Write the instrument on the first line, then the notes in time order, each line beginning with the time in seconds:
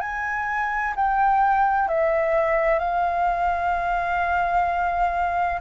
flute
0.00 G#5
0.96 G5
1.88 E5
2.79 F5